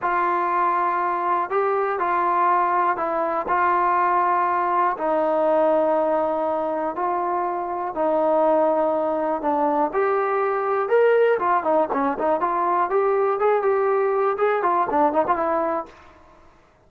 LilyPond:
\new Staff \with { instrumentName = "trombone" } { \time 4/4 \tempo 4 = 121 f'2. g'4 | f'2 e'4 f'4~ | f'2 dis'2~ | dis'2 f'2 |
dis'2. d'4 | g'2 ais'4 f'8 dis'8 | cis'8 dis'8 f'4 g'4 gis'8 g'8~ | g'4 gis'8 f'8 d'8 dis'16 f'16 e'4 | }